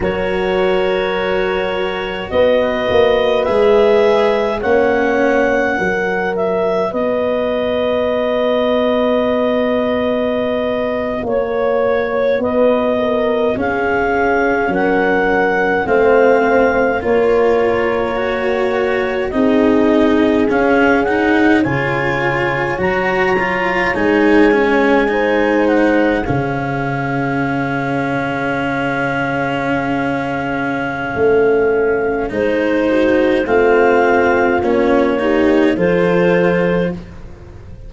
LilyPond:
<<
  \new Staff \with { instrumentName = "clarinet" } { \time 4/4 \tempo 4 = 52 cis''2 dis''4 e''4 | fis''4. e''8 dis''2~ | dis''4.~ dis''16 cis''4 dis''4 f''16~ | f''8. fis''4 f''4 cis''4~ cis''16~ |
cis''8. dis''4 f''8 fis''8 gis''4 ais''16~ | ais''8. gis''4. fis''8 f''4~ f''16~ | f''1 | c''4 f''4 cis''4 c''4 | }
  \new Staff \with { instrumentName = "horn" } { \time 4/4 ais'2 b'2 | cis''4 ais'4 b'2~ | b'4.~ b'16 cis''4 b'8 ais'8 gis'16~ | gis'8. ais'4 c''4 ais'4~ ais'16~ |
ais'8. gis'2 cis''4~ cis''16~ | cis''4.~ cis''16 c''4 gis'4~ gis'16~ | gis'1~ | gis'8 fis'8 f'4. g'8 a'4 | }
  \new Staff \with { instrumentName = "cello" } { \time 4/4 fis'2. gis'4 | cis'4 fis'2.~ | fis'2.~ fis'8. cis'16~ | cis'4.~ cis'16 c'4 f'4 fis'16~ |
fis'8. dis'4 cis'8 dis'8 f'4 fis'16~ | fis'16 f'8 dis'8 cis'8 dis'4 cis'4~ cis'16~ | cis'1 | dis'4 c'4 cis'8 dis'8 f'4 | }
  \new Staff \with { instrumentName = "tuba" } { \time 4/4 fis2 b8 ais8 gis4 | ais4 fis4 b2~ | b4.~ b16 ais4 b4 cis'16~ | cis'8. fis4 a4 ais4~ ais16~ |
ais8. c'4 cis'4 cis4 fis16~ | fis8. gis2 cis4~ cis16~ | cis2. a4 | gis4 a4 ais4 f4 | }
>>